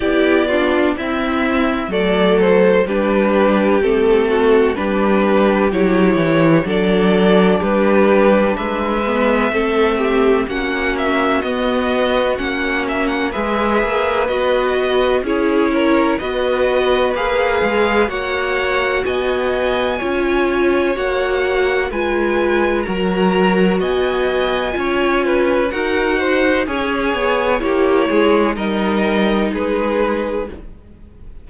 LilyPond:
<<
  \new Staff \with { instrumentName = "violin" } { \time 4/4 \tempo 4 = 63 d''4 e''4 d''8 c''8 b'4 | a'4 b'4 cis''4 d''4 | b'4 e''2 fis''8 e''8 | dis''4 fis''8 e''16 fis''16 e''4 dis''4 |
cis''4 dis''4 f''4 fis''4 | gis''2 fis''4 gis''4 | ais''4 gis''2 fis''4 | gis''4 cis''4 dis''4 b'4 | }
  \new Staff \with { instrumentName = "violin" } { \time 4/4 g'8 f'8 e'4 a'4 g'4~ | g'8 fis'8 g'2 a'4 | g'4 b'4 a'8 g'8 fis'4~ | fis'2 b'2 |
gis'8 ais'8 b'2 cis''4 | dis''4 cis''2 b'4 | ais'4 dis''4 cis''8 b'8 ais'8 c''8 | cis''4 g'8 gis'8 ais'4 gis'4 | }
  \new Staff \with { instrumentName = "viola" } { \time 4/4 e'8 d'8 c'4 a4 d'4 | c'4 d'4 e'4 d'4~ | d'4. b8 c'4 cis'4 | b4 cis'4 gis'4 fis'4 |
e'4 fis'4 gis'4 fis'4~ | fis'4 f'4 fis'4 f'4 | fis'2 f'4 fis'4 | gis'4 e'4 dis'2 | }
  \new Staff \with { instrumentName = "cello" } { \time 4/4 b4 c'4 fis4 g4 | a4 g4 fis8 e8 fis4 | g4 gis4 a4 ais4 | b4 ais4 gis8 ais8 b4 |
cis'4 b4 ais8 gis8 ais4 | b4 cis'4 ais4 gis4 | fis4 b4 cis'4 dis'4 | cis'8 b8 ais8 gis8 g4 gis4 | }
>>